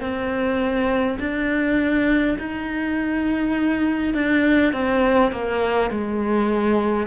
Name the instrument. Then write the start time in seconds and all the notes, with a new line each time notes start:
cello
0.00 C4
1.20 D4
2.39 D#4
4.14 D4
4.73 C4
5.32 A#3
5.90 G#3